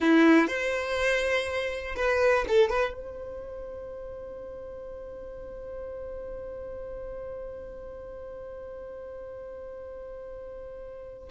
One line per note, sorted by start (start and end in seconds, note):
0.00 0.47 E4
0.47 1.95 C5
1.96 2.45 B4
2.47 2.69 A4
2.69 2.93 B4
2.93 11.29 C5